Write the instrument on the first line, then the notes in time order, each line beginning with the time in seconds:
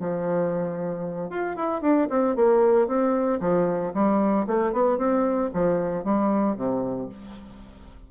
bassoon
0.00 F3
1.30 F4
1.56 E4
1.82 D4
2.10 C4
2.36 A#3
2.87 C4
3.40 F3
3.94 G3
4.47 A3
4.73 B3
4.98 C4
5.54 F3
6.05 G3
6.56 C3